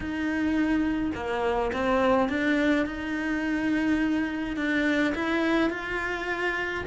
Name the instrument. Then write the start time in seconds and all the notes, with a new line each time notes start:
cello
0.00 D#4
1.14 A#3
1.72 C4
2.28 D4
2.86 D#4
4.56 D4
5.14 E4
5.70 F4